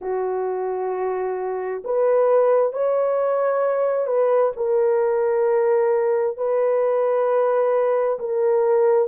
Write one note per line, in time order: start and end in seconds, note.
0.01 1.83 F#4
1.84 2.73 B4
2.73 4.06 C#5
4.06 4.52 B4
4.56 6.37 A#4
6.37 8.19 B4
8.19 9.08 A#4